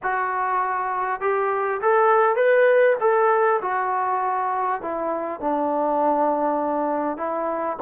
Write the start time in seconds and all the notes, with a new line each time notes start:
0.02 F#4
1.20 G4
1.81 A4
2.36 B4
3.00 A4
3.61 F#4
4.81 E4
5.40 D4
7.17 E4